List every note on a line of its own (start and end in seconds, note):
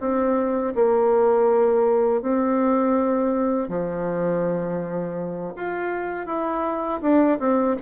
0.00 0.74 C4
0.75 2.22 A#3
2.22 3.69 C4
3.69 5.54 F3
5.56 6.26 F4
6.26 7.00 E4
7.01 7.38 D4
7.39 7.76 C4